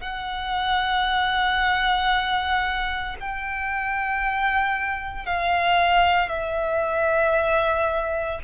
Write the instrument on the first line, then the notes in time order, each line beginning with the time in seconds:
violin
0.00 F#5
3.20 G5
5.26 F5
6.29 E5